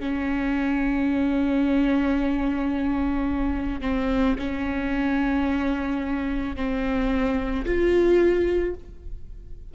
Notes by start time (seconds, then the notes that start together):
0.00 C#4
3.82 C4
4.39 C#4
6.56 C4
7.66 F4